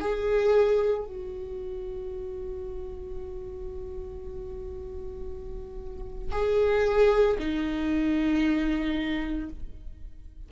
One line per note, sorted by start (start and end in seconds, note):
0.00 1.05 G#4
1.05 6.32 F#4
6.32 7.37 G#4
7.39 9.50 D#4